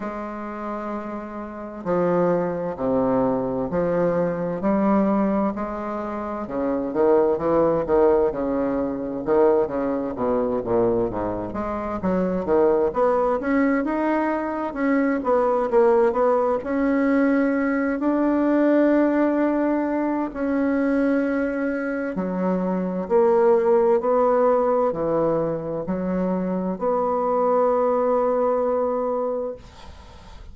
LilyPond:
\new Staff \with { instrumentName = "bassoon" } { \time 4/4 \tempo 4 = 65 gis2 f4 c4 | f4 g4 gis4 cis8 dis8 | e8 dis8 cis4 dis8 cis8 b,8 ais,8 | gis,8 gis8 fis8 dis8 b8 cis'8 dis'4 |
cis'8 b8 ais8 b8 cis'4. d'8~ | d'2 cis'2 | fis4 ais4 b4 e4 | fis4 b2. | }